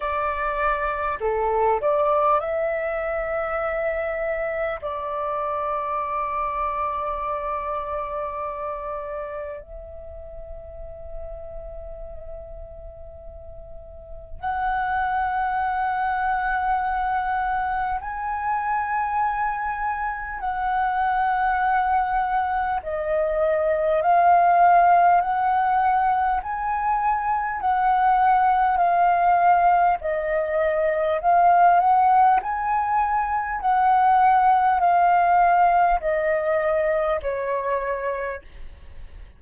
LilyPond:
\new Staff \with { instrumentName = "flute" } { \time 4/4 \tempo 4 = 50 d''4 a'8 d''8 e''2 | d''1 | e''1 | fis''2. gis''4~ |
gis''4 fis''2 dis''4 | f''4 fis''4 gis''4 fis''4 | f''4 dis''4 f''8 fis''8 gis''4 | fis''4 f''4 dis''4 cis''4 | }